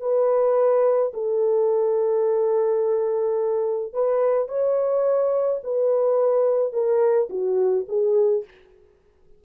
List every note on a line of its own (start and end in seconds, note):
0.00 1.12 B4
1.13 3.93 A4
3.93 4.48 B4
4.48 5.60 C#5
5.63 6.73 B4
6.73 7.29 A#4
7.29 7.86 F#4
7.88 8.44 G#4